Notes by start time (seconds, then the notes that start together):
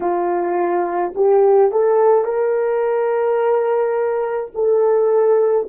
0.00 F4
1.15 G4
1.71 A4
2.24 A#4
4.54 A4